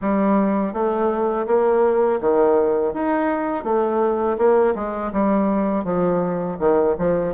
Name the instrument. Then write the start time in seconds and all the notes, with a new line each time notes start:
bassoon
0.01 G3
0.73 A3
1.46 A#3
2.21 D#3
2.93 D#4
3.64 A3
4.37 A#3
4.75 G#3
5.12 G3
5.84 F3
6.59 D#3
6.98 F3